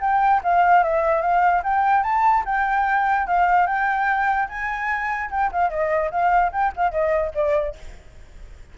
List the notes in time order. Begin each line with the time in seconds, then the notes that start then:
0.00 G5
0.43 F5
0.83 E5
1.21 F5
1.63 G5
2.03 A5
2.45 G5
3.27 F5
3.66 G5
4.48 G#5
5.30 G5
5.52 F5
5.69 D#5
6.11 F5
6.52 G5
6.76 F5
6.91 D#5
7.34 D5